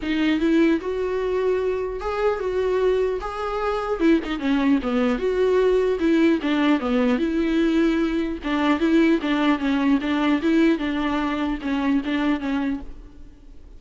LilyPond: \new Staff \with { instrumentName = "viola" } { \time 4/4 \tempo 4 = 150 dis'4 e'4 fis'2~ | fis'4 gis'4 fis'2 | gis'2 e'8 dis'8 cis'4 | b4 fis'2 e'4 |
d'4 b4 e'2~ | e'4 d'4 e'4 d'4 | cis'4 d'4 e'4 d'4~ | d'4 cis'4 d'4 cis'4 | }